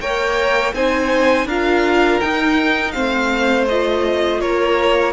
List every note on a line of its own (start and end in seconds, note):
0.00 0.73 A#3
0.00 0.74 A#4
0.00 0.74 C#5
0.00 0.73 G5
0.73 1.45 C4
0.73 1.47 D#4
0.73 1.46 C5
0.73 1.47 G#5
1.45 2.18 D4
1.45 2.22 F4
1.45 2.93 A#4
1.45 2.20 F5
2.20 2.93 D#4
2.20 2.96 D#4
2.20 2.91 G5
2.91 4.42 A3
2.91 3.66 C4
2.91 4.40 C5
2.91 3.64 F5
3.68 5.12 F4
3.68 4.40 D#5
4.40 5.12 A#3
4.40 5.12 A#4
4.40 5.12 C#5